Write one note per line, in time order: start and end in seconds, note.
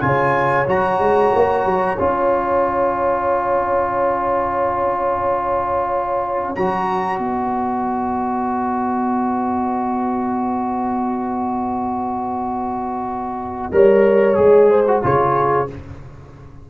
0.00 0.67 C#3
0.00 0.65 F4
0.00 7.22 C#5
0.00 0.66 G#5
0.67 0.99 F#3
0.67 1.97 F#4
0.67 1.99 A#5
0.99 1.31 G#3
1.35 1.64 A#3
1.64 1.97 F#3
1.99 6.56 C#4
1.99 6.55 F4
1.99 6.55 G#5
6.55 7.18 F#3
6.55 13.71 F#4
6.55 7.18 A#5
7.18 13.70 B3
7.18 13.74 B4
7.18 15.01 D#5
13.71 14.37 G3
13.71 14.35 A#4
13.71 14.70 C#5
14.35 15.02 G#3
14.35 14.84 G#4
14.70 15.02 C5
14.87 15.02 F#4
15.02 15.69 C#3
15.02 15.67 F4
15.02 15.69 G#4
15.02 15.69 C#5